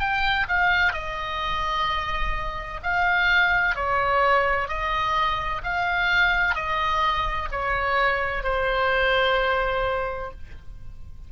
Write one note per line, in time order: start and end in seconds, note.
0.00 0.47 G5
0.49 0.93 F5
0.93 2.81 D#5
2.83 3.75 F5
3.75 4.68 C#5
4.68 5.62 D#5
5.64 6.55 F5
6.55 7.49 D#5
7.52 8.44 C#5
8.44 10.31 C5